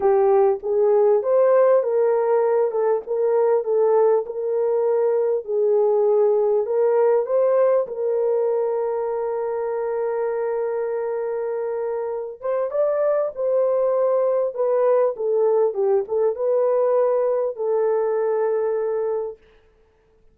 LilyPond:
\new Staff \with { instrumentName = "horn" } { \time 4/4 \tempo 4 = 99 g'4 gis'4 c''4 ais'4~ | ais'8 a'8 ais'4 a'4 ais'4~ | ais'4 gis'2 ais'4 | c''4 ais'2.~ |
ais'1~ | ais'8 c''8 d''4 c''2 | b'4 a'4 g'8 a'8 b'4~ | b'4 a'2. | }